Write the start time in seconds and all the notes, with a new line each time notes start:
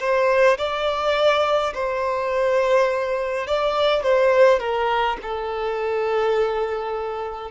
0.00 C5
0.58 D5
1.74 C5
3.47 D5
4.03 C5
4.59 A#4
5.22 A4